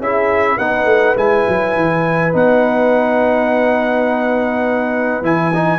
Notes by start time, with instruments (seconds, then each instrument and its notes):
0.00 tuba C#4, trombone E4, horn G#4, trumpet E5
0.57 tuba B3, trombone D#4, horn B4, trumpet F#5
0.85 tuba A3
1.16 tuba G#3, trombone E4, trumpet G#5
1.48 tuba F#3
1.76 tuba E3
2.33 tuba B3, trombone D#4, trumpet F#5
5.22 tuba E3, trombone E4, trumpet G#5
5.54 trombone D#4